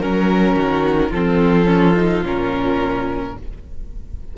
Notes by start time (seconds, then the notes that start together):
0.00 F#3 C#4 A#4
0.55 D#3 F#4
1.09 F3 C4 F4 A4
1.66 C#4
1.96 D#4
2.22 A#2 C#4 A#4